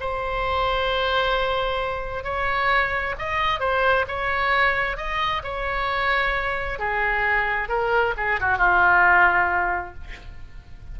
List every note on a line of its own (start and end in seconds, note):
0.00 2.24 C5
2.24 3.15 C#5
3.19 3.60 D#5
3.60 4.05 C5
4.08 4.97 C#5
4.97 5.42 D#5
5.43 6.79 C#5
6.79 7.69 G#4
7.69 8.14 A#4
8.17 8.40 G#4
8.40 8.58 F#4
8.58 9.94 F4